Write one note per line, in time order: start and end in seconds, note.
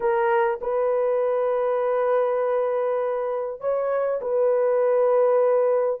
0.00 0.59 A#4
0.61 3.60 B4
3.60 4.20 C#5
4.21 6.00 B4